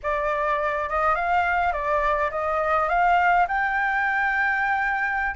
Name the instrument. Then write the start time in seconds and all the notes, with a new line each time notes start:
flute
0.02 D5
0.89 D#5
1.15 F5
1.72 D5
2.31 D#5
2.88 F5
3.47 G5